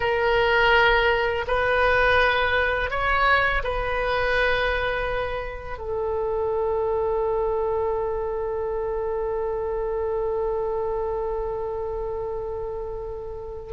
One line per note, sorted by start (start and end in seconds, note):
0.00 1.45 A#4
1.47 2.90 B4
2.90 3.62 C#5
3.63 5.78 B4
5.78 13.73 A4